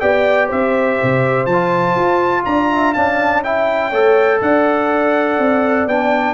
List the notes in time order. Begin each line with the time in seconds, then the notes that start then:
0.00 B3 G4 D5 G5
0.48 C4 C5 E5
1.03 C3
1.46 F3 A5
1.53 F4
1.96 F4
2.45 D4 D5 A#5
2.72 E5
2.92 C#4 D4 F5 A5
3.44 E4 E5 G5
3.90 A3 A4 C#5
4.41 D4 D5 F#5
5.39 C4
5.86 B3 D4 G5